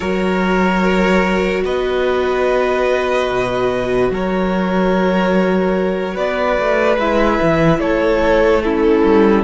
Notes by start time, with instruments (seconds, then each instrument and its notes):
0.00 cello F#3, viola F#4, violin A#4 C#5
1.64 cello B3, violin B4 D#5
3.29 cello B2
4.10 cello F#3, violin A#4 C#5
6.14 cello B3, violin B4 D5
6.59 cello A3
6.98 cello G#3, viola E4, violin E5
7.42 cello E3
7.79 cello A3, violin A4 C#5
8.61 viola C#4, violin E4 A4
9.03 cello G3